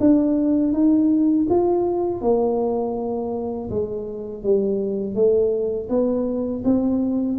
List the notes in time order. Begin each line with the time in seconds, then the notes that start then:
0.00 D4
0.73 D#4
1.50 F4
2.22 A#3
3.70 G#3
4.43 G3
5.15 A3
5.90 B3
6.65 C4